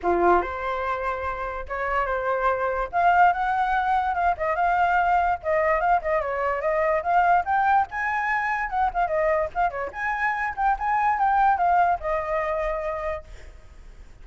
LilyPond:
\new Staff \with { instrumentName = "flute" } { \time 4/4 \tempo 4 = 145 f'4 c''2. | cis''4 c''2 f''4 | fis''2 f''8 dis''8 f''4~ | f''4 dis''4 f''8 dis''8 cis''4 |
dis''4 f''4 g''4 gis''4~ | gis''4 fis''8 f''8 dis''4 f''8 cis''8 | gis''4. g''8 gis''4 g''4 | f''4 dis''2. | }